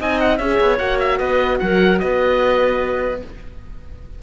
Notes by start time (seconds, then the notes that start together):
0.00 C4 D#4 D#5 G#5
0.21 F#5
0.38 C#4 G#4 C#5 E5
0.61 B3
0.78 A#3 F#4 F#5
1.00 E5
1.18 B3 B4 D#5
1.60 F#3 A#4 F#5
2.00 B3 B4 D#5